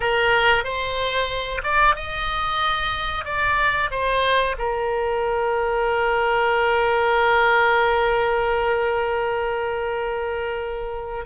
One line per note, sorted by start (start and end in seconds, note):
0.00 0.63 A#4
0.63 1.61 C5
1.63 1.95 D5
1.95 3.24 D#5
3.24 3.90 D5
3.90 4.55 C5
4.58 11.25 A#4